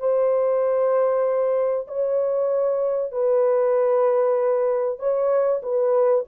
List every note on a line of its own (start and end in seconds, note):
0.00 1.88 C5
1.88 3.12 C#5
3.12 4.99 B4
4.99 5.62 C#5
5.63 6.25 B4